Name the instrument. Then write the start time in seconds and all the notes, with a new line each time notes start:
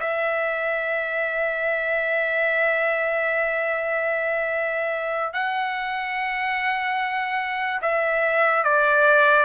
trumpet
0.00 E5
5.33 F#5
7.82 E5
8.63 D5